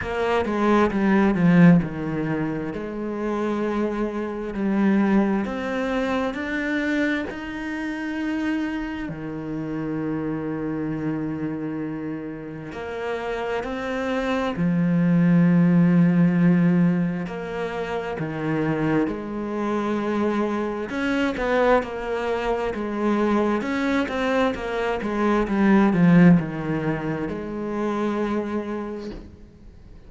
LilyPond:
\new Staff \with { instrumentName = "cello" } { \time 4/4 \tempo 4 = 66 ais8 gis8 g8 f8 dis4 gis4~ | gis4 g4 c'4 d'4 | dis'2 dis2~ | dis2 ais4 c'4 |
f2. ais4 | dis4 gis2 cis'8 b8 | ais4 gis4 cis'8 c'8 ais8 gis8 | g8 f8 dis4 gis2 | }